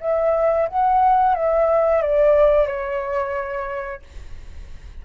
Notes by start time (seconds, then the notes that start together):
0.00 E5
0.68 F#5
1.34 E5
2.02 D5
2.67 C#5